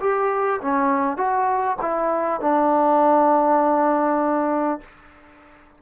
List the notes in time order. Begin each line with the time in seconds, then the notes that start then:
0.00 G4
0.62 C#4
1.17 F#4
1.82 E4
2.41 D4